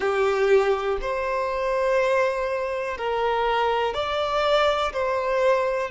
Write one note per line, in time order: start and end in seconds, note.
0.00 0.98 G4
1.01 2.97 C5
2.97 3.93 A#4
3.93 4.92 D5
4.92 5.90 C5